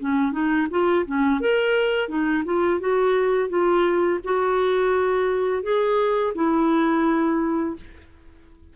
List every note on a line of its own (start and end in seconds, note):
0.00 0.32 C#4
0.32 0.67 D#4
0.71 1.06 F4
1.07 1.41 C#4
1.41 2.09 A#4
2.09 2.44 D#4
2.45 2.80 F4
2.80 3.49 F#4
3.49 4.20 F4
4.24 5.63 F#4
5.63 6.34 G#4
6.35 7.76 E4